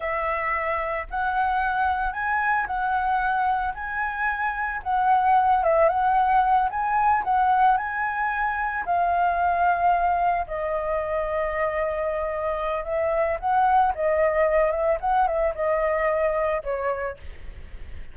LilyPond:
\new Staff \with { instrumentName = "flute" } { \time 4/4 \tempo 4 = 112 e''2 fis''2 | gis''4 fis''2 gis''4~ | gis''4 fis''4. e''8 fis''4~ | fis''8 gis''4 fis''4 gis''4.~ |
gis''8 f''2. dis''8~ | dis''1 | e''4 fis''4 dis''4. e''8 | fis''8 e''8 dis''2 cis''4 | }